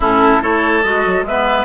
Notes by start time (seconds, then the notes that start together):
0.00 A2 C#4 E4 A4
0.41 A3 E4 A4 C#5
0.83 G#3 F#4 D#5
1.06 F#3
1.22 G#3 B4 E5
1.28 B3